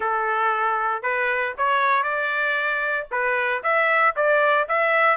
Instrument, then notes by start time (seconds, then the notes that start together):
trumpet
0.00 A4
1.02 B4
1.57 C#5
2.03 D5
3.11 B4
3.63 E5
4.16 D5
4.68 E5